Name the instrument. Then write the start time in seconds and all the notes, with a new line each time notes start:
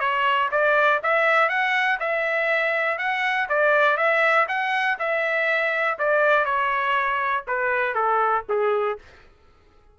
trumpet
0.00 C#5
0.51 D5
1.03 E5
1.49 F#5
2.00 E5
2.98 F#5
3.49 D5
3.97 E5
4.49 F#5
4.99 E5
5.99 D5
6.45 C#5
7.48 B4
7.95 A4
8.49 G#4